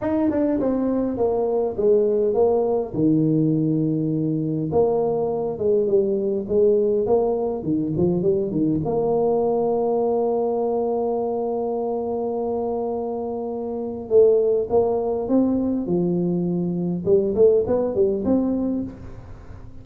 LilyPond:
\new Staff \with { instrumentName = "tuba" } { \time 4/4 \tempo 4 = 102 dis'8 d'8 c'4 ais4 gis4 | ais4 dis2. | ais4. gis8 g4 gis4 | ais4 dis8 f8 g8 dis8 ais4~ |
ais1~ | ais1 | a4 ais4 c'4 f4~ | f4 g8 a8 b8 g8 c'4 | }